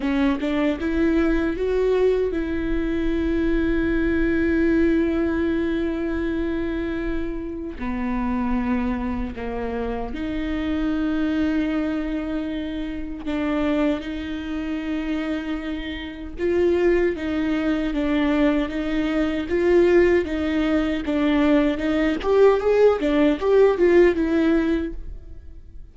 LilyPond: \new Staff \with { instrumentName = "viola" } { \time 4/4 \tempo 4 = 77 cis'8 d'8 e'4 fis'4 e'4~ | e'1~ | e'2 b2 | ais4 dis'2.~ |
dis'4 d'4 dis'2~ | dis'4 f'4 dis'4 d'4 | dis'4 f'4 dis'4 d'4 | dis'8 g'8 gis'8 d'8 g'8 f'8 e'4 | }